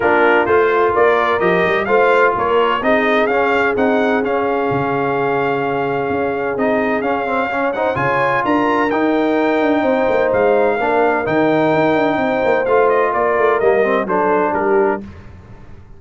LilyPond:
<<
  \new Staff \with { instrumentName = "trumpet" } { \time 4/4 \tempo 4 = 128 ais'4 c''4 d''4 dis''4 | f''4 cis''4 dis''4 f''4 | fis''4 f''2.~ | f''2 dis''4 f''4~ |
f''8 fis''8 gis''4 ais''4 g''4~ | g''2 f''2 | g''2. f''8 dis''8 | d''4 dis''4 c''4 ais'4 | }
  \new Staff \with { instrumentName = "horn" } { \time 4/4 f'2 ais'2 | c''4 ais'4 gis'2~ | gis'1~ | gis'1 |
cis''8 c''8 cis''4 ais'2~ | ais'4 c''2 ais'4~ | ais'2 c''2 | ais'2 a'4 g'4 | }
  \new Staff \with { instrumentName = "trombone" } { \time 4/4 d'4 f'2 g'4 | f'2 dis'4 cis'4 | dis'4 cis'2.~ | cis'2 dis'4 cis'8 c'8 |
cis'8 dis'8 f'2 dis'4~ | dis'2. d'4 | dis'2. f'4~ | f'4 ais8 c'8 d'2 | }
  \new Staff \with { instrumentName = "tuba" } { \time 4/4 ais4 a4 ais4 f8 g8 | a4 ais4 c'4 cis'4 | c'4 cis'4 cis2~ | cis4 cis'4 c'4 cis'4~ |
cis'4 cis4 d'4 dis'4~ | dis'8 d'8 c'8 ais8 gis4 ais4 | dis4 dis'8 d'8 c'8 ais8 a4 | ais8 a8 g4 fis4 g4 | }
>>